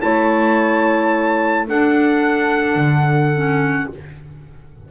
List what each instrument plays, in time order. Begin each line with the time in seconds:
0.00 double bass A3, clarinet E4, horn C#5, trumpet A5
1.67 clarinet D4, double bass D4, horn A4, trumpet F#5
2.76 double bass D3
3.35 clarinet C#4